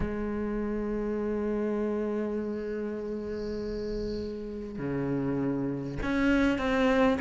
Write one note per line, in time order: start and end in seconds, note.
0.00 4.78 G#3
4.78 5.98 C#3
6.03 6.58 C#4
6.58 7.18 C4